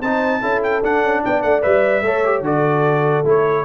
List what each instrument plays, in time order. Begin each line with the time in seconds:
0.00 tuba C4, trombone D#4, horn C5, trumpet A5
0.41 tuba C#4, trombone E4, horn A4
0.63 trumpet G5
0.83 tuba D4, trombone D4, trumpet F#5
1.03 tuba C#4
1.24 tuba B3, horn D5, trumpet G5
1.42 tuba A3, trumpet F#5
1.62 tuba G3, trombone B4, trumpet E5
2.02 tuba A3, trombone A4, horn C#5
2.25 trombone G4
2.41 tuba D3, trombone F#4, horn A4, trumpet D5
3.25 tuba A3, trombone E4, trumpet C#5